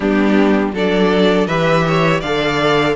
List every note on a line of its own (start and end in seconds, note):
0.00 0.73 G3
0.00 0.74 B3
0.00 0.73 D4
0.00 0.73 G4
0.73 1.47 F#3
0.73 1.49 D4
0.73 1.47 A4
0.73 1.46 D5
1.46 2.21 E3
1.46 2.23 G4
1.46 1.84 B4
1.46 2.21 E5
1.87 2.20 C#5
2.20 2.96 D3
2.20 2.96 A4
2.20 2.94 D5
2.20 2.95 F5